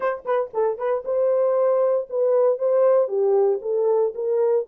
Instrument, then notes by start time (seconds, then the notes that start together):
horn
0.00 C5
0.25 B4
0.53 A4
0.78 B4
1.04 C5
2.09 B4
2.58 C5
3.08 G4
3.61 A4
4.14 A#4